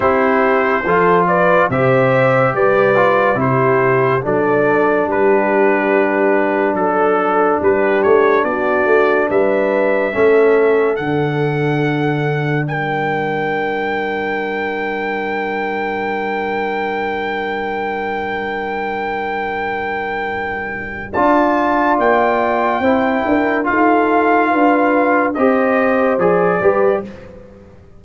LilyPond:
<<
  \new Staff \with { instrumentName = "trumpet" } { \time 4/4 \tempo 4 = 71 c''4. d''8 e''4 d''4 | c''4 d''4 b'2 | a'4 b'8 cis''8 d''4 e''4~ | e''4 fis''2 g''4~ |
g''1~ | g''1~ | g''4 a''4 g''2 | f''2 dis''4 d''4 | }
  \new Staff \with { instrumentName = "horn" } { \time 4/4 g'4 a'8 b'8 c''4 b'4 | g'4 a'4 g'2 | a'4 g'4 fis'4 b'4 | a'2. ais'4~ |
ais'1~ | ais'1~ | ais'4 d''2 c''8 ais'8 | a'4 b'4 c''4. b'8 | }
  \new Staff \with { instrumentName = "trombone" } { \time 4/4 e'4 f'4 g'4. f'8 | e'4 d'2.~ | d'1 | cis'4 d'2.~ |
d'1~ | d'1~ | d'4 f'2 e'4 | f'2 g'4 gis'8 g'8 | }
  \new Staff \with { instrumentName = "tuba" } { \time 4/4 c'4 f4 c4 g4 | c4 fis4 g2 | fis4 g8 a8 b8 a8 g4 | a4 d2 g4~ |
g1~ | g1~ | g4 d'4 ais4 c'8 d'8 | dis'4 d'4 c'4 f8 g8 | }
>>